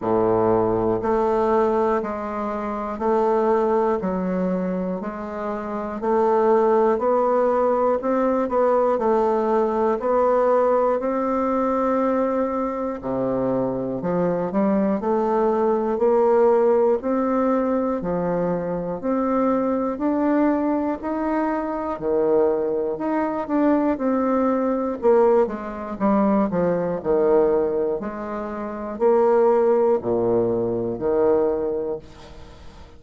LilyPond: \new Staff \with { instrumentName = "bassoon" } { \time 4/4 \tempo 4 = 60 a,4 a4 gis4 a4 | fis4 gis4 a4 b4 | c'8 b8 a4 b4 c'4~ | c'4 c4 f8 g8 a4 |
ais4 c'4 f4 c'4 | d'4 dis'4 dis4 dis'8 d'8 | c'4 ais8 gis8 g8 f8 dis4 | gis4 ais4 ais,4 dis4 | }